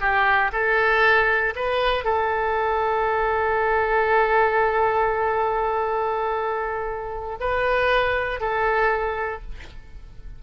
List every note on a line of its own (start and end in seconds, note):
0.00 0.51 G4
0.52 1.53 A4
1.55 2.04 B4
2.04 7.38 A4
7.40 8.40 B4
8.40 9.42 A4